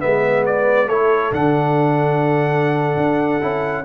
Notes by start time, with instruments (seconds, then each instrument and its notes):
0.00 tuba G#3, trombone B3, horn B4, trumpet E5
0.46 trumpet D5
0.88 tuba A3, trombone E4, horn A4, trumpet C#5
1.32 tuba D3, trombone D4, trumpet F#5
2.97 tuba D4
3.41 tuba C#4, trombone E4